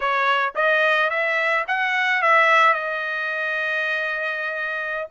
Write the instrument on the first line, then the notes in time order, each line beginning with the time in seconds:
trumpet
0.00 C#5
0.55 D#5
1.10 E5
1.67 F#5
2.22 E5
2.73 D#5